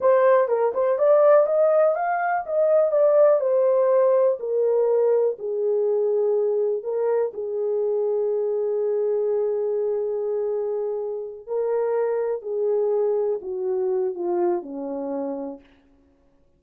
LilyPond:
\new Staff \with { instrumentName = "horn" } { \time 4/4 \tempo 4 = 123 c''4 ais'8 c''8 d''4 dis''4 | f''4 dis''4 d''4 c''4~ | c''4 ais'2 gis'4~ | gis'2 ais'4 gis'4~ |
gis'1~ | gis'2.~ gis'8 ais'8~ | ais'4. gis'2 fis'8~ | fis'4 f'4 cis'2 | }